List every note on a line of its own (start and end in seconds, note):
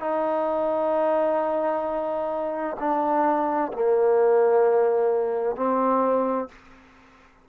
0.00 2.77 D#4
2.79 3.72 D4
3.73 5.56 A#3
5.56 6.48 C4